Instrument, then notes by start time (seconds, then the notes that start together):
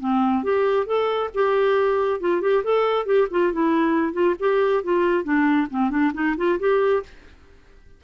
clarinet
0.00 C4
0.44 G4
0.86 A4
1.35 G4
2.20 F4
2.42 G4
2.64 A4
3.06 G4
3.31 F4
3.53 E4
4.13 F4
4.40 G4
4.84 F4
5.24 D4
5.71 C4
5.90 D4
6.14 D#4
6.37 F4
6.60 G4